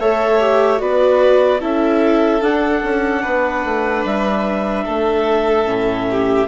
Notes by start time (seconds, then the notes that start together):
0.00 A3 A4 C#5 E5
0.40 G4
0.78 B3 F#4 B4 D5
1.61 C#4 E4 A4 E5
2.42 D4 F#5
2.83 C#4
3.22 B3 B4
3.65 A3
4.05 G3 E5
4.85 A3 A4
5.65 A2 C#4
6.11 G4